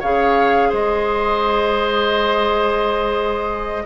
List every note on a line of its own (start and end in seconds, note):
0.00 0.73 C#3
0.00 3.86 G#4
0.00 0.69 C#5
0.00 0.72 F5
0.69 3.86 G#3
0.69 3.83 C5
0.69 3.86 D#5